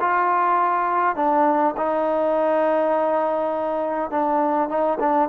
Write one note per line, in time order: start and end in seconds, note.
0.00 1.15 F4
1.15 1.74 D4
1.76 4.10 D#4
4.10 4.68 D4
4.68 4.98 D#4
4.99 5.29 D4